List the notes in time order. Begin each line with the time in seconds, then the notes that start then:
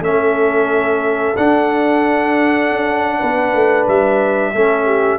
0.00 A3 C#4 E5
0.07 A4
1.36 D4 F#5
2.71 C#4
3.18 B3 B4
3.54 A3
3.87 G3 E5
4.52 A3 C#4 A4
4.85 G4